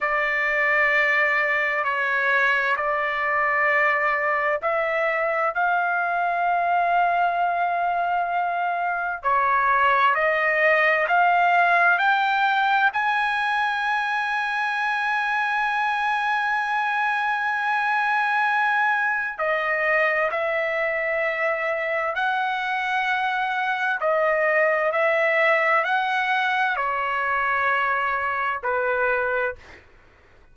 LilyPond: \new Staff \with { instrumentName = "trumpet" } { \time 4/4 \tempo 4 = 65 d''2 cis''4 d''4~ | d''4 e''4 f''2~ | f''2 cis''4 dis''4 | f''4 g''4 gis''2~ |
gis''1~ | gis''4 dis''4 e''2 | fis''2 dis''4 e''4 | fis''4 cis''2 b'4 | }